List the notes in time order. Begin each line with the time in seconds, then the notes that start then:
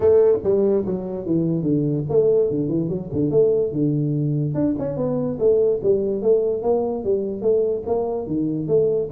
0.00 A3
0.43 G3
0.85 F#3
1.25 E3
1.62 D3
2.09 A3
2.50 D3
2.68 E3
2.88 F#3
3.12 D3
3.30 A3
3.72 D3
4.54 D4
4.78 C#4
4.97 B3
5.39 A3
5.83 G3
6.21 A3
6.62 A#3
7.04 G3
7.41 A3
7.86 A#3
8.26 D#3
8.67 A3